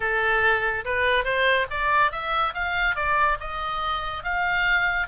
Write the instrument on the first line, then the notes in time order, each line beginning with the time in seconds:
oboe
0.00 A4
0.85 B4
1.24 C5
1.70 D5
2.11 E5
2.54 F5
2.95 D5
3.40 D#5
4.23 F5